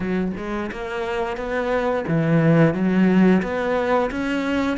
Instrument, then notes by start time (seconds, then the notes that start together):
cello
0.00 F#3
0.36 G#3
0.71 A#3
1.36 B3
2.07 E3
2.73 F#3
3.42 B3
4.10 C#4